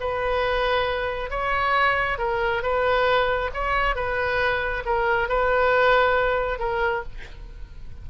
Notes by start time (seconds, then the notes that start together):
0.00 B4
1.30 C#5
2.18 A#4
2.62 B4
3.54 C#5
3.95 B4
4.85 A#4
5.29 B4
6.59 A#4